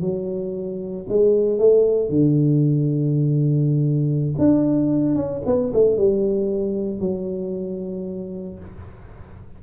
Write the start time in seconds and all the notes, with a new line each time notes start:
0.00 F#3
1.08 G#3
1.58 A3
2.09 D3
4.38 D4
5.15 C#4
5.45 B3
5.73 A3
5.97 G3
6.99 F#3